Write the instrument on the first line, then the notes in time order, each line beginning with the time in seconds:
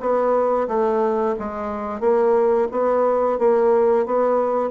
bassoon
0.00 B3
0.68 A3
1.39 G#3
2.00 A#3
2.71 B3
3.39 A#3
4.06 B3